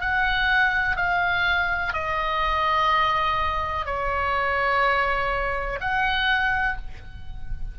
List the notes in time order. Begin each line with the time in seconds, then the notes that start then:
0.00 F#5
0.96 F5
1.93 D#5
3.85 C#5
5.80 F#5